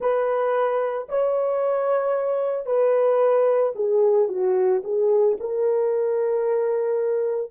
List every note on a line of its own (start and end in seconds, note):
0.00 1.08 B4
1.08 2.65 C#5
2.65 3.73 B4
3.75 4.28 G#4
4.28 4.82 F#4
4.84 5.37 G#4
5.40 7.50 A#4